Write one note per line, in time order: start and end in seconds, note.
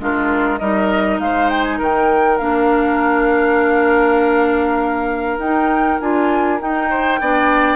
0.00 0.60 G#3
0.00 0.60 D4
0.00 0.60 F4
0.00 0.59 A#4
0.59 1.20 G3
0.59 2.40 D#4
0.59 1.20 A#4
0.59 1.19 D#5
1.20 1.80 G#3
1.20 1.78 C5
1.20 1.49 F5
1.49 1.64 G5
1.64 1.79 G#5
1.78 2.40 D#3
1.78 6.88 A#4
1.78 2.39 G5
2.39 5.38 A#3
2.39 5.40 D4
2.39 5.38 F5
5.38 5.99 D#4
5.38 6.02 D#4
5.38 6.00 G5
6.01 6.61 D4
6.01 6.59 F4
6.01 6.61 G#5
6.59 7.20 D#4
6.59 7.21 D#4
6.59 7.77 G5
6.91 7.21 C5
7.21 7.77 B3
7.21 7.77 D4
7.21 7.77 D5